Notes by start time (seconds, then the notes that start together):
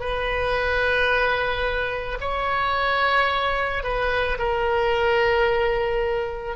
0.00 B4
2.21 C#5
3.83 B4
4.38 A#4